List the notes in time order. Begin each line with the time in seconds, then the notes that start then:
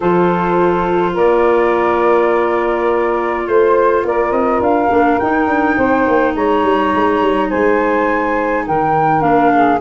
0.00 F3 F4 A4 C5
1.13 A#3 A#4 D5
3.47 A3 C5
4.03 A#3 A#4 D5
4.30 C4 D#5
4.60 D4 F5
4.90 A#3 D4
5.19 D#4 G5
5.47 D4
5.76 C4 C5
6.07 A#3
6.35 G#3 C#5 A#5
6.63 G3
6.94 G#3
7.21 G3
7.49 G#3 C5 G#5
8.66 D#3 A#4 G5
9.20 A#3 D4 F5
9.53 G#4